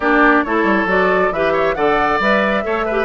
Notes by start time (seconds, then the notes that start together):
0.00 A#3 D4 G4 D5
0.43 A3 E4 A4 C#5
0.63 G3
0.85 F#3 F#4 D5
1.31 E3 G4 B4 E5
1.52 C#5
1.74 D3 A4 D5 F#5
2.19 G3 B4 E5
2.63 A3 A4 C#5
2.85 G4 B4